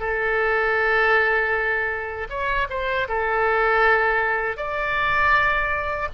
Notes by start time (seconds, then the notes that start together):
0.00 A4
2.30 C#5
2.70 C5
3.09 A4
4.57 D5